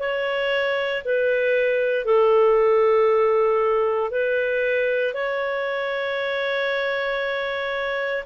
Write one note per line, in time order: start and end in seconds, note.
0.00 1.03 C#5
1.05 2.05 B4
2.05 4.11 A4
4.11 5.14 B4
5.14 8.24 C#5